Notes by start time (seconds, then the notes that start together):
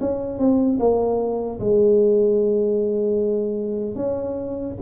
0.00 C#4
0.39 C4
0.79 A#3
1.60 G#3
3.95 C#4